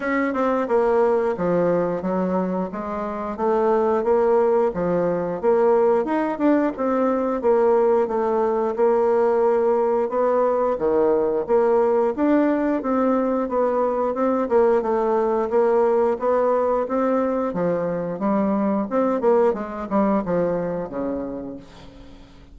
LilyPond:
\new Staff \with { instrumentName = "bassoon" } { \time 4/4 \tempo 4 = 89 cis'8 c'8 ais4 f4 fis4 | gis4 a4 ais4 f4 | ais4 dis'8 d'8 c'4 ais4 | a4 ais2 b4 |
dis4 ais4 d'4 c'4 | b4 c'8 ais8 a4 ais4 | b4 c'4 f4 g4 | c'8 ais8 gis8 g8 f4 cis4 | }